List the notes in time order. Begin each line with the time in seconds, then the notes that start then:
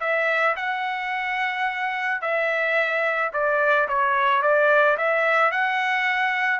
0.00 E5
0.56 F#5
2.21 E5
3.33 D5
3.88 C#5
4.42 D5
4.97 E5
5.51 F#5